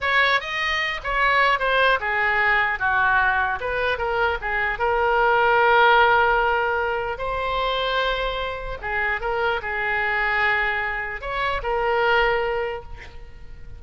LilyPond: \new Staff \with { instrumentName = "oboe" } { \time 4/4 \tempo 4 = 150 cis''4 dis''4. cis''4. | c''4 gis'2 fis'4~ | fis'4 b'4 ais'4 gis'4 | ais'1~ |
ais'2 c''2~ | c''2 gis'4 ais'4 | gis'1 | cis''4 ais'2. | }